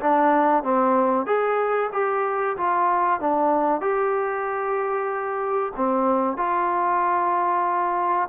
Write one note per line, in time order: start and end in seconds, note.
0.00 0.63 D4
0.63 1.26 C4
1.26 1.90 G#4
1.92 2.56 G4
2.57 3.20 F4
3.20 3.81 D4
3.81 5.72 G4
5.76 6.37 C4
6.37 8.28 F4